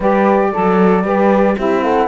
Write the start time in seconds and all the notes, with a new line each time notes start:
0.00 G3 G4 B4 D5
0.52 F#3 A4
1.03 G3 G4 B4
1.57 C4 E4 G4 E5
1.82 A4 F#5